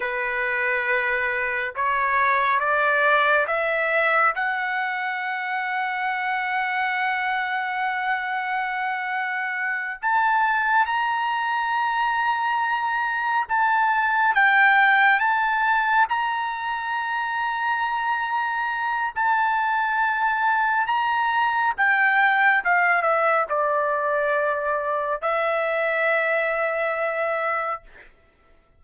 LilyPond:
\new Staff \with { instrumentName = "trumpet" } { \time 4/4 \tempo 4 = 69 b'2 cis''4 d''4 | e''4 fis''2.~ | fis''2.~ fis''8 a''8~ | a''8 ais''2. a''8~ |
a''8 g''4 a''4 ais''4.~ | ais''2 a''2 | ais''4 g''4 f''8 e''8 d''4~ | d''4 e''2. | }